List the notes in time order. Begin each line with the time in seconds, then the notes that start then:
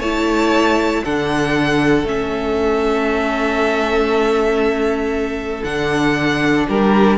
0.00 A3 E4 C#5 A5
1.04 D3 D4 A4 F#5
2.04 A3 C#4 E5
5.64 D3 D4 F#5
6.69 G3 G4 A#4